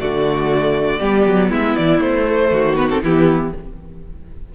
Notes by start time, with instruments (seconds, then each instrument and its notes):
0.00 cello D3, viola A3, violin F#4 D5
1.00 cello G3, viola B3, violin G4
1.26 cello F#3
1.49 cello G#3, violin E4 E5
1.76 cello E3, violin D5
2.00 cello A3, violin C5
2.27 viola A3
2.51 cello D#3, violin F#4
2.76 viola B3, violin B4
2.90 viola C4, violin A4
3.03 cello E3, viola B3, violin E4 G4